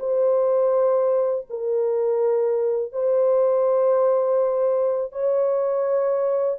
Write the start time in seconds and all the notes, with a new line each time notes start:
0.00 C5
1.50 A#4
2.93 C5
5.12 C#5